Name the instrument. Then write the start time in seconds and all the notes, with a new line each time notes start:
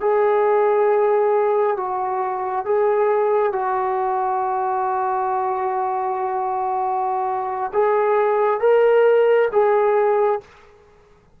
trombone
0.00 G#4
1.76 F#4
2.65 G#4
3.52 F#4
7.73 G#4
8.59 A#4
9.52 G#4